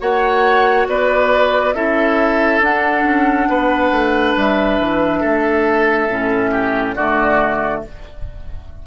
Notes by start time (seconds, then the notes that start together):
0.00 A#3 F#4 C#5 F#5
0.87 B3 B4 D5
1.74 C#4 E4 A4 E5
2.61 D4 F#5
3.04 C#4
3.48 B3 B4
3.92 A3
4.36 G3 E5
4.80 E3
5.20 A3 A4
6.09 A2 C#4
6.52 G4
6.95 D3 A3 F#4 D5